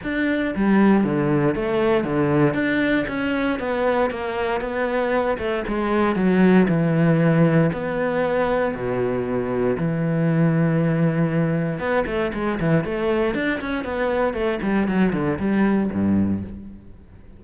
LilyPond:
\new Staff \with { instrumentName = "cello" } { \time 4/4 \tempo 4 = 117 d'4 g4 d4 a4 | d4 d'4 cis'4 b4 | ais4 b4. a8 gis4 | fis4 e2 b4~ |
b4 b,2 e4~ | e2. b8 a8 | gis8 e8 a4 d'8 cis'8 b4 | a8 g8 fis8 d8 g4 g,4 | }